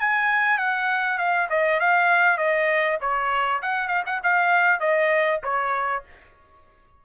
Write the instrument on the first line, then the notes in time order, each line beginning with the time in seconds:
trumpet
0.00 G#5
0.58 F#5
1.18 F5
1.49 D#5
1.80 F5
2.37 D#5
3.01 C#5
3.62 F#5
3.88 F5
4.06 F#5
4.23 F5
4.80 D#5
5.43 C#5